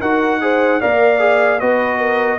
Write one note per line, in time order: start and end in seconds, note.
0.00 0.81 D#4
0.00 0.41 F#4
0.00 0.40 A#4
0.00 0.81 F#5
0.41 0.81 G#4
0.41 0.80 C5
0.80 1.62 A#3
0.80 1.19 A#4
0.80 1.60 D5
0.80 1.60 F5
1.19 1.59 G#4
1.60 2.39 B3
1.60 2.39 F#4
1.60 1.99 B4
1.60 2.39 D#5
1.99 2.39 A#4